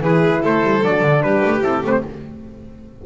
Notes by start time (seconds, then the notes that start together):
0.00 E3 E4 G#4 B4
0.42 A3 A4 C5
0.63 G3
0.83 F#3 D4 D5
1.02 D3
1.22 G3 G4 B4
1.45 A3
1.61 C4 E4 A4
1.83 A3 C4 B4
1.91 C5